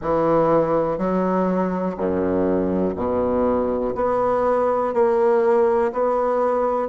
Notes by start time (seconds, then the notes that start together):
0.01 E3
0.97 F#3
1.97 F#2
2.96 B2
3.95 B3
4.93 A#3
5.92 B3